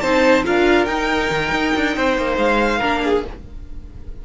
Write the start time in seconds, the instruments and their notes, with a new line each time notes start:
0.00 cello C4, viola D#4, violin C5 A5
0.44 cello D4, viola F4, violin A#4 F5
0.85 cello D#4, viola D#4, violin G5
1.30 cello D#3
1.51 cello D#4
1.76 cello D4
1.96 cello C4, violin C5
2.17 cello A#3
2.37 cello G#3, violin F5
2.78 cello A#3, viola D4, violin A#4
3.04 violin G#4